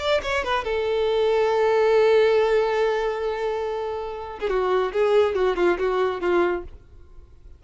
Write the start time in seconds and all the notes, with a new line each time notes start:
0.00 D5
0.23 C#5
0.44 B4
0.65 A4
4.40 G#4
4.50 F#4
4.93 G#4
5.36 F#4
5.57 F4
5.79 F#4
6.21 F4